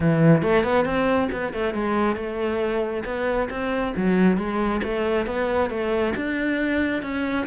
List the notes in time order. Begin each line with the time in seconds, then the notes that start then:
0.00 E3
0.42 A3
0.63 B3
0.85 C4
1.31 B3
1.53 A3
1.73 G#3
2.16 A3
3.04 B3
3.49 C4
3.96 F#3
4.37 G#3
4.83 A3
5.26 B3
5.70 A3
6.16 D4
7.02 C#4